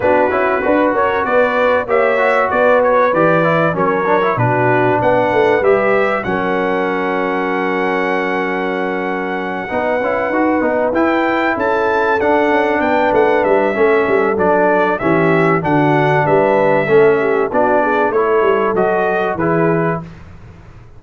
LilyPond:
<<
  \new Staff \with { instrumentName = "trumpet" } { \time 4/4 \tempo 4 = 96 b'4. cis''8 d''4 e''4 | d''8 cis''8 d''4 cis''4 b'4 | fis''4 e''4 fis''2~ | fis''1~ |
fis''4. g''4 a''4 fis''8~ | fis''8 g''8 fis''8 e''4. d''4 | e''4 fis''4 e''2 | d''4 cis''4 dis''4 b'4 | }
  \new Staff \with { instrumentName = "horn" } { \time 4/4 fis'4 b'8 ais'8 b'4 cis''4 | b'2 ais'4 fis'4 | b'2 ais'2~ | ais'2.~ ais'8 b'8~ |
b'2~ b'8 a'4.~ | a'8 b'4. a'2 | g'4 fis'4 b'4 a'8 g'8 | fis'8 gis'8 a'2 gis'4 | }
  \new Staff \with { instrumentName = "trombone" } { \time 4/4 d'8 e'8 fis'2 g'8 fis'8~ | fis'4 g'8 e'8 cis'8 d'16 e'16 d'4~ | d'4 g'4 cis'2~ | cis'2.~ cis'8 dis'8 |
e'8 fis'8 dis'8 e'2 d'8~ | d'2 cis'4 d'4 | cis'4 d'2 cis'4 | d'4 e'4 fis'4 e'4 | }
  \new Staff \with { instrumentName = "tuba" } { \time 4/4 b8 cis'8 d'8 cis'8 b4 ais4 | b4 e4 fis4 b,4 | b8 a8 g4 fis2~ | fis2.~ fis8 b8 |
cis'8 dis'8 b8 e'4 cis'4 d'8 | cis'8 b8 a8 g8 a8 g8 fis4 | e4 d4 g4 a4 | b4 a8 g8 fis4 e4 | }
>>